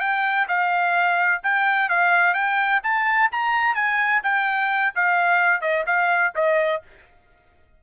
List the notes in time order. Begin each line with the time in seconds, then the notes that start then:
0.00 G5
0.48 F5
1.43 G5
1.89 F5
2.34 G5
2.83 A5
3.32 A#5
3.75 G#5
4.23 G5
4.95 F5
5.61 D#5
5.87 F5
6.36 D#5